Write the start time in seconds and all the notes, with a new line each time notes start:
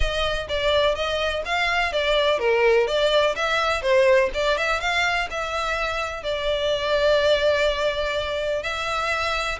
0.00 D#5
0.48 D5
0.95 D#5
1.45 F5
1.92 D5
2.39 A#4
2.87 D5
3.35 E5
3.82 C5
4.34 D5
4.57 E5
4.80 F5
5.30 E5
6.23 D5
8.62 E5